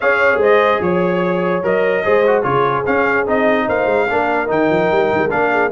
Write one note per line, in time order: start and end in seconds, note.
0.00 0.36 C#4
0.00 1.63 G#4
0.00 0.40 C#5
0.00 0.41 F5
0.36 0.77 G#3
0.36 0.80 C5
0.36 0.82 D#5
0.80 1.62 F3
0.80 1.63 C#5
0.80 2.04 C#5
1.63 2.04 F#3
1.63 2.04 A#4
1.63 2.43 D#5
2.04 2.44 G#3
2.04 2.24 G#4
2.04 2.42 C5
2.26 2.42 F#4
2.42 2.85 C#3
2.42 2.83 F4
2.42 3.64 G#4
2.42 2.84 C#5
2.86 3.26 C#4
2.86 3.27 C#4
2.86 3.26 F5
3.26 3.68 C4
3.26 4.08 D#4
3.26 3.68 D#5
3.66 3.85 A#3
3.66 4.07 C5
3.66 4.50 F5
3.85 4.06 G#3
4.08 4.49 A#3
4.08 4.47 D4
4.08 5.51 A#4
4.47 4.69 D#3
4.47 5.28 D#4
4.47 5.30 G5
4.70 4.90 F3
4.91 5.11 G3
5.12 5.18 D#3
5.18 5.28 G#3
5.29 5.71 A#3
5.29 5.70 D4
5.29 5.71 F5
5.51 5.71 G#4